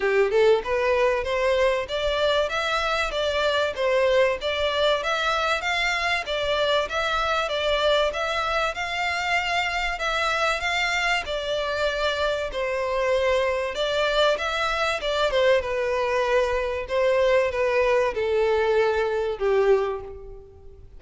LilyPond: \new Staff \with { instrumentName = "violin" } { \time 4/4 \tempo 4 = 96 g'8 a'8 b'4 c''4 d''4 | e''4 d''4 c''4 d''4 | e''4 f''4 d''4 e''4 | d''4 e''4 f''2 |
e''4 f''4 d''2 | c''2 d''4 e''4 | d''8 c''8 b'2 c''4 | b'4 a'2 g'4 | }